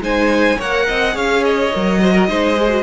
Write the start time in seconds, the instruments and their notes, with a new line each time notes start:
0.00 cello G#3, viola D#4, violin C5 G#5
0.57 cello A#3, viola A#4, violin C#5 F#5
0.87 cello C4, violin D#5
1.12 cello C#4, viola G#4, violin C#5 F5
1.44 violin D#5
1.73 cello F#3, viola A#4
2.00 viola F#4, violin C5
2.13 violin A#4
2.27 cello G#3, viola D#4, violin C5
2.57 viola G#4
2.69 viola F#4